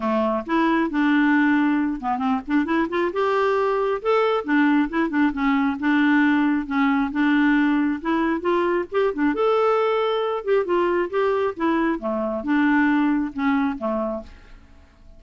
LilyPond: \new Staff \with { instrumentName = "clarinet" } { \time 4/4 \tempo 4 = 135 a4 e'4 d'2~ | d'8 b8 c'8 d'8 e'8 f'8 g'4~ | g'4 a'4 d'4 e'8 d'8 | cis'4 d'2 cis'4 |
d'2 e'4 f'4 | g'8 d'8 a'2~ a'8 g'8 | f'4 g'4 e'4 a4 | d'2 cis'4 a4 | }